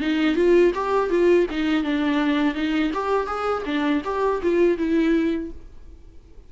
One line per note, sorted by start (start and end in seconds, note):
0.00 0.35 D#4
0.35 0.72 F4
0.74 1.10 G4
1.10 1.46 F4
1.50 1.84 D#4
1.84 2.54 D4
2.54 2.91 D#4
2.93 3.27 G4
3.27 3.63 G#4
3.65 4.02 D4
4.04 4.41 G4
4.42 4.77 F4
4.77 5.50 E4